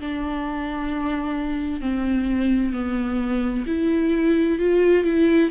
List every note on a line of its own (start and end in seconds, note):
0.00 1.81 D4
1.81 2.73 C4
2.73 3.65 B3
3.66 4.59 E4
4.59 5.04 F4
5.04 5.50 E4